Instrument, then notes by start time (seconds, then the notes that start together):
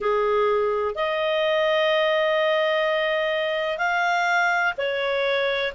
clarinet
0.00 G#4
0.95 D#5
3.77 F5
4.77 C#5